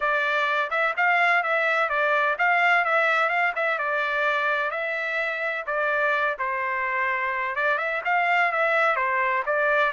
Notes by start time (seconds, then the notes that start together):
0.00 D5
0.70 E5
0.96 F5
1.43 E5
1.89 D5
2.38 F5
2.84 E5
3.29 F5
3.55 E5
3.78 D5
4.71 E5
5.66 D5
6.38 C5
7.55 D5
7.78 E5
8.04 F5
8.52 E5
8.96 C5
9.46 D5